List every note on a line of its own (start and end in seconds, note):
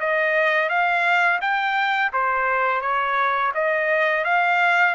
0.00 0.69 D#5
0.69 1.40 F5
1.41 2.11 G5
2.13 2.81 C5
2.81 3.52 C#5
3.54 4.24 D#5
4.24 4.95 F5